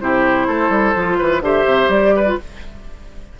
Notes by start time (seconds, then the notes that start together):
0.00 C3 E4 G4 C5
0.47 A3 A4
0.70 G3
0.95 F3 F4
1.18 E3 B4
1.41 D3 G4 C5 E5
1.65 C3
1.89 G3 D5
2.16 B4
2.26 F4